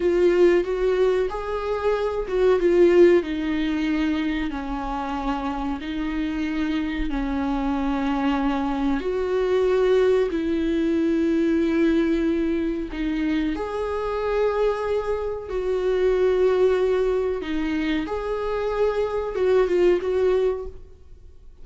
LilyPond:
\new Staff \with { instrumentName = "viola" } { \time 4/4 \tempo 4 = 93 f'4 fis'4 gis'4. fis'8 | f'4 dis'2 cis'4~ | cis'4 dis'2 cis'4~ | cis'2 fis'2 |
e'1 | dis'4 gis'2. | fis'2. dis'4 | gis'2 fis'8 f'8 fis'4 | }